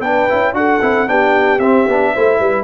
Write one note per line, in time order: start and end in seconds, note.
0.00 0.27 B3
0.00 0.29 D4
0.00 0.55 B4
0.00 0.54 G5
0.29 0.53 C#4
0.29 0.54 E4
0.53 0.80 D4
0.53 0.80 F#4
0.53 1.09 A4
0.53 1.09 F#5
0.82 1.08 C4
0.82 1.07 E4
1.07 1.60 B3
1.07 1.60 D4
1.07 2.13 G4
1.07 1.59 G5
1.59 1.86 C4
1.59 1.89 C4
1.59 2.64 E5
1.87 2.14 B3
1.87 2.16 D4
2.13 2.40 A3
2.13 2.64 E4
2.13 2.39 C5
2.39 2.64 G3
2.39 2.64 B4